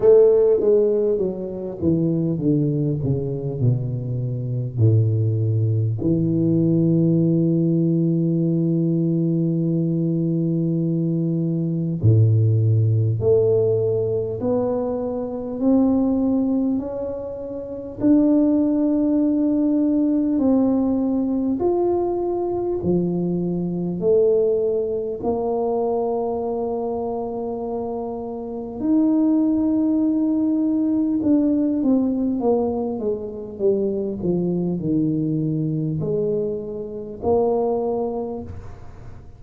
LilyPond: \new Staff \with { instrumentName = "tuba" } { \time 4/4 \tempo 4 = 50 a8 gis8 fis8 e8 d8 cis8 b,4 | a,4 e2.~ | e2 a,4 a4 | b4 c'4 cis'4 d'4~ |
d'4 c'4 f'4 f4 | a4 ais2. | dis'2 d'8 c'8 ais8 gis8 | g8 f8 dis4 gis4 ais4 | }